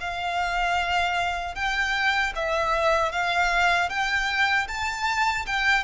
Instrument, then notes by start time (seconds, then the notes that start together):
violin
0.00 F5
1.55 G5
2.36 E5
3.12 F5
3.90 G5
4.68 A5
5.46 G5